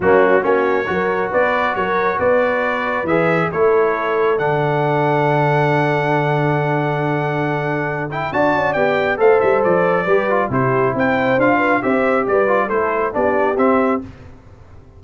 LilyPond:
<<
  \new Staff \with { instrumentName = "trumpet" } { \time 4/4 \tempo 4 = 137 fis'4 cis''2 d''4 | cis''4 d''2 e''4 | cis''2 fis''2~ | fis''1~ |
fis''2~ fis''8 g''8 a''4 | g''4 f''8 e''8 d''2 | c''4 g''4 f''4 e''4 | d''4 c''4 d''4 e''4 | }
  \new Staff \with { instrumentName = "horn" } { \time 4/4 cis'4 fis'4 ais'4 b'4 | ais'4 b'2. | a'1~ | a'1~ |
a'2. d''4~ | d''4 c''2 b'4 | g'4 c''4. b'8 c''4 | b'4 a'4 g'2 | }
  \new Staff \with { instrumentName = "trombone" } { \time 4/4 ais4 cis'4 fis'2~ | fis'2. gis'4 | e'2 d'2~ | d'1~ |
d'2~ d'8 e'8 fis'4 | g'4 a'2 g'8 f'8 | e'2 f'4 g'4~ | g'8 f'8 e'4 d'4 c'4 | }
  \new Staff \with { instrumentName = "tuba" } { \time 4/4 fis4 ais4 fis4 b4 | fis4 b2 e4 | a2 d2~ | d1~ |
d2. d'8 cis'8 | b4 a8 g8 f4 g4 | c4 c'4 d'4 c'4 | g4 a4 b4 c'4 | }
>>